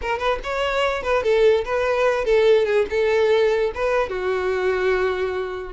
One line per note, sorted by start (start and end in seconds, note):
0.01 0.18 A#4
0.18 0.39 B4
0.43 1.03 C#5
1.03 1.23 B4
1.23 1.64 A4
1.64 2.24 B4
2.24 2.65 A4
2.65 2.86 G#4
2.90 3.72 A4
3.74 4.09 B4
4.09 5.73 F#4